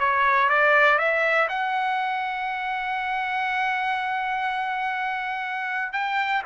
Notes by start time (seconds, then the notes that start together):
0.00 C#5
0.49 D5
0.98 E5
1.49 F#5
5.93 G5